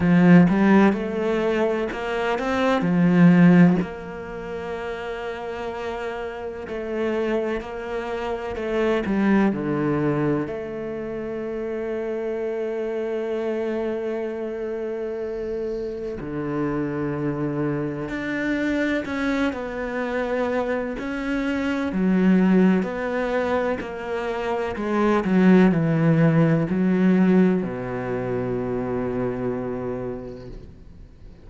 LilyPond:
\new Staff \with { instrumentName = "cello" } { \time 4/4 \tempo 4 = 63 f8 g8 a4 ais8 c'8 f4 | ais2. a4 | ais4 a8 g8 d4 a4~ | a1~ |
a4 d2 d'4 | cis'8 b4. cis'4 fis4 | b4 ais4 gis8 fis8 e4 | fis4 b,2. | }